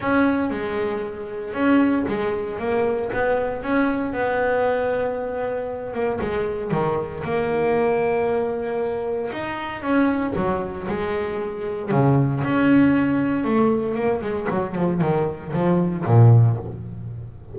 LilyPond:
\new Staff \with { instrumentName = "double bass" } { \time 4/4 \tempo 4 = 116 cis'4 gis2 cis'4 | gis4 ais4 b4 cis'4 | b2.~ b8 ais8 | gis4 dis4 ais2~ |
ais2 dis'4 cis'4 | fis4 gis2 cis4 | cis'2 a4 ais8 gis8 | fis8 f8 dis4 f4 ais,4 | }